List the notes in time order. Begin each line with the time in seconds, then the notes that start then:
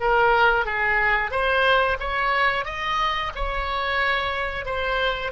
0.00 A#4
0.65 G#4
1.31 C5
2.00 C#5
2.65 D#5
3.35 C#5
4.65 C5